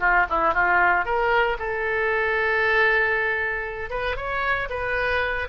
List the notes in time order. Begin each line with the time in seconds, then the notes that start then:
0.00 F4
0.30 E4
0.54 F4
1.05 A#4
1.59 A4
3.90 B4
4.16 C#5
4.70 B4